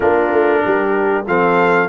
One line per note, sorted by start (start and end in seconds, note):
0.00 0.31 A#3
0.00 1.24 D4
0.00 0.62 F4
0.00 1.25 A#4
0.31 0.62 A3
0.64 1.27 G3
0.64 1.27 G4
1.27 1.88 F3
1.27 1.88 C4
1.27 1.88 A4
1.27 1.88 F5